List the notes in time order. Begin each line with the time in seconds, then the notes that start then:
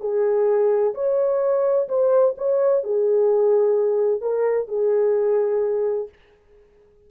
0.00 G#4
0.94 C#5
1.88 C5
2.38 C#5
2.84 G#4
4.21 A#4
4.68 G#4